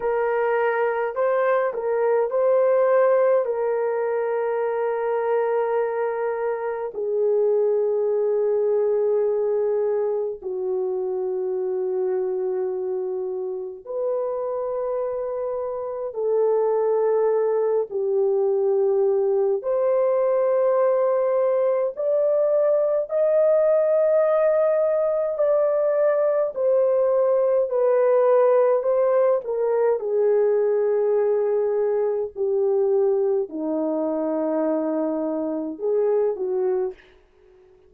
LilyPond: \new Staff \with { instrumentName = "horn" } { \time 4/4 \tempo 4 = 52 ais'4 c''8 ais'8 c''4 ais'4~ | ais'2 gis'2~ | gis'4 fis'2. | b'2 a'4. g'8~ |
g'4 c''2 d''4 | dis''2 d''4 c''4 | b'4 c''8 ais'8 gis'2 | g'4 dis'2 gis'8 fis'8 | }